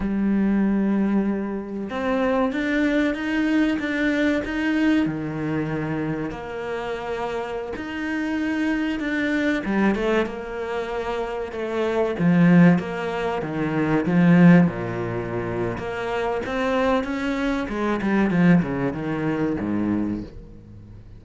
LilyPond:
\new Staff \with { instrumentName = "cello" } { \time 4/4 \tempo 4 = 95 g2. c'4 | d'4 dis'4 d'4 dis'4 | dis2 ais2~ | ais16 dis'2 d'4 g8 a16~ |
a16 ais2 a4 f8.~ | f16 ais4 dis4 f4 ais,8.~ | ais,4 ais4 c'4 cis'4 | gis8 g8 f8 cis8 dis4 gis,4 | }